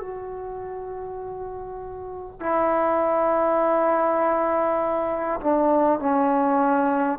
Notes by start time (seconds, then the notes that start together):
0.00 F#4
2.40 E4
5.41 D4
5.99 C#4